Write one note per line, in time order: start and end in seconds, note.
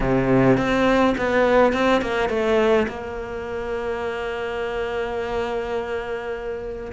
0.00 0.57 C3
0.57 1.15 C4
1.17 1.73 B3
1.73 2.01 C4
2.01 2.29 A#3
2.29 2.87 A3
2.88 6.92 A#3